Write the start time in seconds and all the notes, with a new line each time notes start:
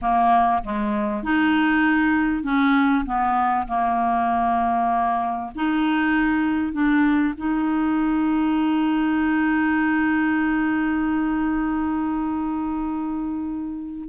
0.01 A#3
0.63 G#3
1.23 D#4
2.43 C#4
3.05 B3
3.67 A#3
5.55 D#4
6.72 D4
7.37 D#4